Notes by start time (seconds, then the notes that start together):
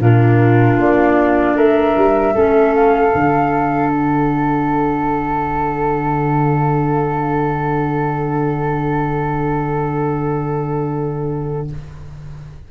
0.00 A#2 D4 F4 A#4
0.78 A#3 D5
1.56 A3 A#4 E5
1.96 G3
2.34 A3 C#4 A4
2.75 F5
3.12 D3 D4
3.90 F#5